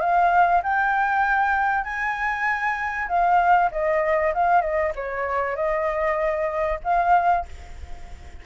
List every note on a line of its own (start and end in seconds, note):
0.00 0.62 F5
0.63 1.84 G5
1.84 3.08 G#5
3.08 3.70 F5
3.71 4.33 D#5
4.34 4.61 F5
4.61 4.92 D#5
4.95 5.56 C#5
5.56 6.79 D#5
6.84 7.45 F5